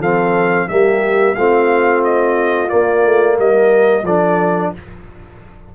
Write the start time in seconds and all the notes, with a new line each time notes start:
0.00 F3 C4 A4 F5
0.69 G3 A#3 G4 E5
1.35 A3 C4 F4 F5
2.04 D#5
2.69 A#3 D5
3.06 A3
3.37 G3 A#4 D#5
4.03 F3 D4 A4 D5